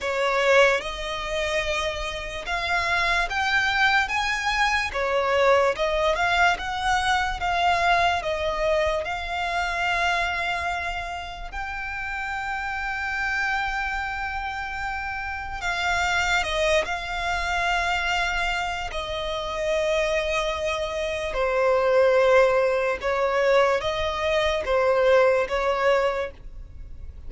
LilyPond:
\new Staff \with { instrumentName = "violin" } { \time 4/4 \tempo 4 = 73 cis''4 dis''2 f''4 | g''4 gis''4 cis''4 dis''8 f''8 | fis''4 f''4 dis''4 f''4~ | f''2 g''2~ |
g''2. f''4 | dis''8 f''2~ f''8 dis''4~ | dis''2 c''2 | cis''4 dis''4 c''4 cis''4 | }